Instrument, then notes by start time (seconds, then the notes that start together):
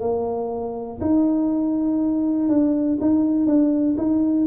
tuba
0.00 A#3
1.00 D#4
2.49 D4
3.00 D#4
3.46 D4
3.97 D#4